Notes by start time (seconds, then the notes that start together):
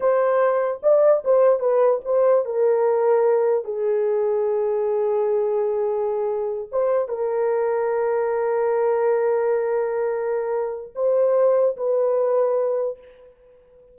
0.00 C5
0.82 D5
1.24 C5
1.59 B4
2.04 C5
2.45 A#4
3.64 G#4
6.71 C5
7.08 A#4
10.95 C5
11.76 B4